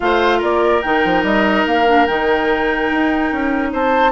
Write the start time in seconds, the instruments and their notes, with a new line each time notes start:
0.00 bassoon A3, clarinet F4, oboe C5, flute F5
0.38 bassoon A#3, oboe A#4, flute D5
0.81 bassoon D#3, clarinet D#4, flute G5
1.04 bassoon F3
1.23 bassoon G3, flute D#5
1.66 bassoon A#3, flute F5
1.86 clarinet D4
2.06 bassoon D#3, clarinet D#4, flute G5
2.90 bassoon D#4
3.32 bassoon C#4
3.72 bassoon C4, oboe C5, flute A5